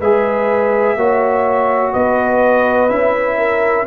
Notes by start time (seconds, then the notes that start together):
0.00 G#3 G#4 B4 E5
0.96 A#3 F#4 C#5
1.93 B3 B4 D#5
2.89 C#4 E4 E5
3.38 A#4